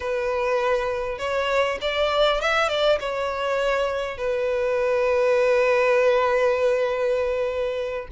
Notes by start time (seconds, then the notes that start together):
0.00 B4
1.18 C#5
1.81 D5
2.41 E5
2.68 D5
3.00 C#5
4.17 B4